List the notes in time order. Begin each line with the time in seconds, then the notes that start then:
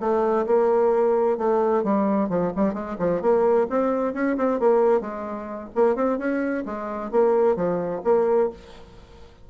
0.00 A3
0.46 A#3
1.38 A3
1.84 G3
2.29 F3
2.56 G3
2.74 G#3
2.99 F3
3.21 A#3
3.69 C4
4.14 C#4
4.37 C4
4.60 A#3
5.01 G#3
5.75 A#3
5.95 C4
6.19 C#4
6.66 G#3
7.11 A#3
7.56 F3
8.04 A#3